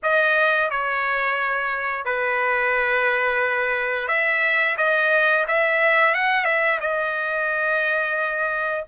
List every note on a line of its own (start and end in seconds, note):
0.02 0.70 D#5
0.70 2.05 C#5
2.05 4.08 B4
4.08 4.76 E5
4.77 5.45 D#5
5.47 6.14 E5
6.14 6.44 F#5
6.44 6.78 E5
6.80 8.85 D#5